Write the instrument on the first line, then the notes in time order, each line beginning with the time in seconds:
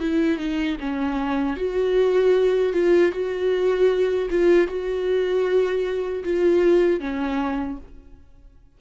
viola
0.00 E4
0.38 D#4
0.80 C#4
1.57 F#4
2.73 F4
3.12 F#4
4.30 F4
4.68 F#4
6.24 F4
7.00 C#4